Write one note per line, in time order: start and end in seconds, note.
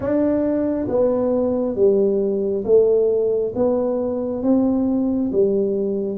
0.00 0.86 D4
0.88 1.75 B3
1.75 2.64 G3
2.64 3.53 A3
3.55 4.42 B3
4.42 5.31 C4
5.31 6.18 G3